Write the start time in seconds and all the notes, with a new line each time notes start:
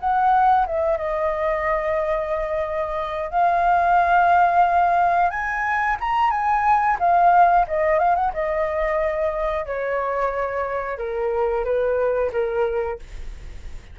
0.00 F#5
0.67 E5
0.98 D#5
3.31 F5
5.31 G#5
6.01 A#5
6.31 G#5
7.00 F5
7.68 D#5
7.99 F5
8.16 F#5
8.34 D#5
9.66 C#5
10.98 A#4
11.65 B4
12.32 A#4